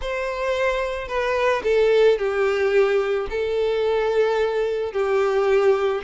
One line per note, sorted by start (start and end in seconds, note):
0.01 1.08 C5
1.08 1.62 B4
1.63 2.18 A4
2.18 3.27 G4
3.30 4.92 A4
4.92 6.01 G4